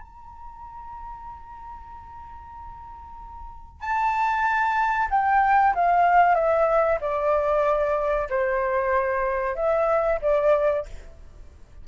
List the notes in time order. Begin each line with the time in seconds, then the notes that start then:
0.00 A#5
3.81 A5
5.10 G5
5.75 F5
6.35 E5
7.01 D5
8.30 C5
9.56 E5
10.22 D5